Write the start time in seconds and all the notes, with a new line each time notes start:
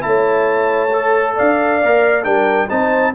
0.00 A3 E4 C#5 A5
0.93 A4
1.35 D4 D5 F5
1.83 A#3 A#4
2.23 G3 D4 A#4 G5
2.69 C4 D#4 C5 A5